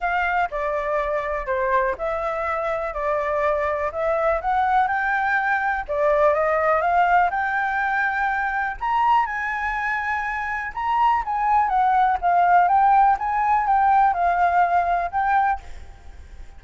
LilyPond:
\new Staff \with { instrumentName = "flute" } { \time 4/4 \tempo 4 = 123 f''4 d''2 c''4 | e''2 d''2 | e''4 fis''4 g''2 | d''4 dis''4 f''4 g''4~ |
g''2 ais''4 gis''4~ | gis''2 ais''4 gis''4 | fis''4 f''4 g''4 gis''4 | g''4 f''2 g''4 | }